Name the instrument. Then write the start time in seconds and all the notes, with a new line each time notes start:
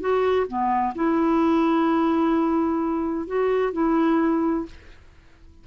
clarinet
0.00 F#4
0.47 B3
0.95 E4
3.27 F#4
3.73 E4